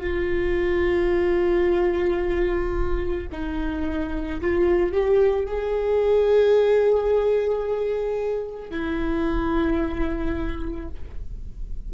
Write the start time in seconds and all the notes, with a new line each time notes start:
0.00 F4
3.31 D#4
4.40 F4
4.92 G4
5.46 G#4
8.70 E4